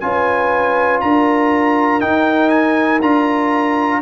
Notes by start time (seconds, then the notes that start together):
0.00 C#4 F4 B4 G#5
1.01 D4 A#4 A#5
2.01 D#4 G5
2.49 G#5
3.01 D4 F4 A#5